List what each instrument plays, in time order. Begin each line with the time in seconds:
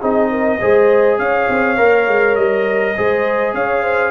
0.00 tuba C4, trombone D#4, horn G#4, trumpet D#5
0.30 horn A#4
0.60 tuba G#3, trombone G#4, horn C5
1.18 tuba C#4, horn C#5, trumpet F5
1.49 tuba C4
1.77 tuba A#3, trombone A#4
2.07 tuba G#3
2.35 tuba G3, trumpet D#5
2.95 tuba G#3, trombone G#4, horn C5
3.53 tuba C#4, horn C#5, trumpet F5
3.82 horn C5